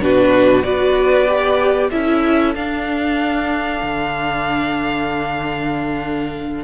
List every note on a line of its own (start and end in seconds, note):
0.00 0.63 B2
0.00 0.62 D4
0.00 0.64 F#4
0.00 0.63 B4
0.62 1.91 B3
0.62 1.26 F#4
0.62 1.90 B4
0.62 1.89 D5
1.27 1.90 G4
1.90 2.55 C#4
1.90 2.54 E4
1.90 6.63 A4
1.90 2.54 E5
2.55 3.81 D4
2.55 6.63 D4
2.55 6.63 F5
3.82 6.63 D3